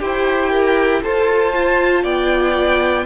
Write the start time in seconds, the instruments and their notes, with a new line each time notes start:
0.00 cello E4, violin G4 G5, viola C5
0.51 viola A#4
1.03 cello F4, viola A4, violin C5 A5
1.54 viola F4
2.04 cello B3, violin D5 G5